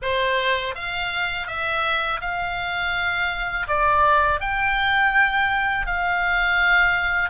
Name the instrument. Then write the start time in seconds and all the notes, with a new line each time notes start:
oboe
0.02 C5
0.75 F5
1.47 E5
2.21 F5
3.67 D5
4.40 G5
5.86 F5